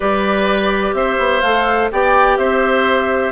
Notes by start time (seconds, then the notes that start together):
0.00 G3 G4 B4 D5
0.93 C4 C5 E5
1.18 B3
1.41 A3 A4 F5
1.92 B3 G4 D5 G5
2.37 C4 C5 E5